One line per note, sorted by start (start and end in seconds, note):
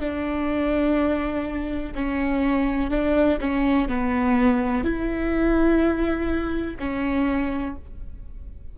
0.00 1.94 D4
1.95 2.90 C#4
2.90 3.39 D4
3.40 3.88 C#4
3.88 4.84 B3
4.84 6.77 E4
6.79 7.76 C#4